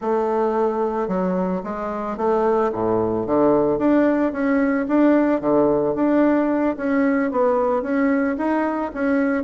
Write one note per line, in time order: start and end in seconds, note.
0.01 1.08 A3
1.08 1.62 F#3
1.63 2.17 G#3
2.17 2.71 A3
2.72 3.26 A2
3.26 3.78 D3
3.78 4.32 D4
4.32 4.86 C#4
4.88 5.40 D4
5.40 5.94 D3
5.95 6.76 D4
6.77 7.31 C#4
7.31 7.82 B3
7.82 8.36 C#4
8.37 8.91 D#4
8.93 9.43 C#4